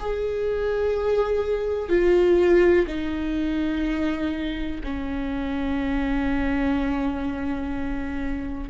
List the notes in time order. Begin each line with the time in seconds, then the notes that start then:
0.00 G#4
1.89 F4
2.88 D#4
4.84 C#4